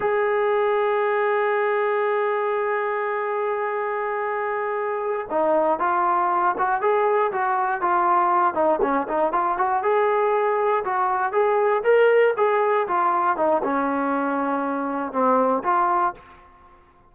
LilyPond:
\new Staff \with { instrumentName = "trombone" } { \time 4/4 \tempo 4 = 119 gis'1~ | gis'1~ | gis'2~ gis'8 dis'4 f'8~ | f'4 fis'8 gis'4 fis'4 f'8~ |
f'4 dis'8 cis'8 dis'8 f'8 fis'8 gis'8~ | gis'4. fis'4 gis'4 ais'8~ | ais'8 gis'4 f'4 dis'8 cis'4~ | cis'2 c'4 f'4 | }